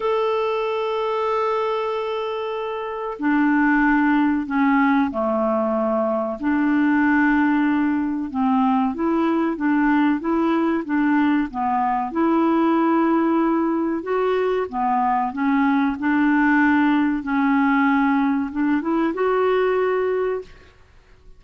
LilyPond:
\new Staff \with { instrumentName = "clarinet" } { \time 4/4 \tempo 4 = 94 a'1~ | a'4 d'2 cis'4 | a2 d'2~ | d'4 c'4 e'4 d'4 |
e'4 d'4 b4 e'4~ | e'2 fis'4 b4 | cis'4 d'2 cis'4~ | cis'4 d'8 e'8 fis'2 | }